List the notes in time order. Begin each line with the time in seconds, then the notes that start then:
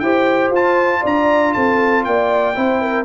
0.00 E4 G4 C5 G5
0.50 F4 A5
1.01 D4 D5 A#5
1.53 C4 A4 A5
2.04 A#3 D5 G5
2.55 C4 E4 C5
2.81 A#4